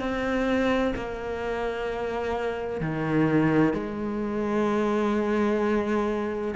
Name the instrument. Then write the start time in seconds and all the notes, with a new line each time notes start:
cello
0.00 C4
0.96 A#3
2.81 D#3
3.74 G#3